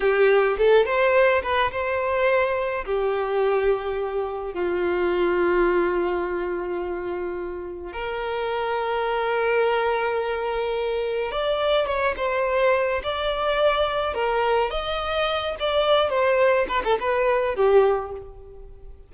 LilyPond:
\new Staff \with { instrumentName = "violin" } { \time 4/4 \tempo 4 = 106 g'4 a'8 c''4 b'8 c''4~ | c''4 g'2. | f'1~ | f'2 ais'2~ |
ais'1 | d''4 cis''8 c''4. d''4~ | d''4 ais'4 dis''4. d''8~ | d''8 c''4 b'16 a'16 b'4 g'4 | }